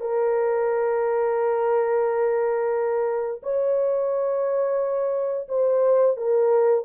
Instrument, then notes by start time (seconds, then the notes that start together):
horn
0.00 A#4
3.43 C#5
5.48 C5
6.16 A#4